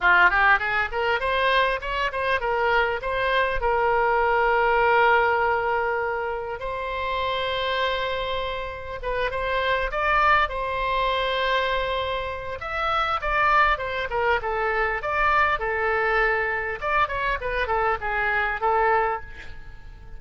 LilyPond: \new Staff \with { instrumentName = "oboe" } { \time 4/4 \tempo 4 = 100 f'8 g'8 gis'8 ais'8 c''4 cis''8 c''8 | ais'4 c''4 ais'2~ | ais'2. c''4~ | c''2. b'8 c''8~ |
c''8 d''4 c''2~ c''8~ | c''4 e''4 d''4 c''8 ais'8 | a'4 d''4 a'2 | d''8 cis''8 b'8 a'8 gis'4 a'4 | }